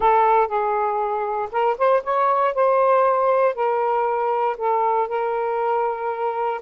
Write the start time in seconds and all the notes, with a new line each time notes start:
0.00 A4
0.47 G#4
1.51 A#4
1.78 C5
2.03 C#5
2.54 C5
3.54 A#4
4.57 A4
5.08 A#4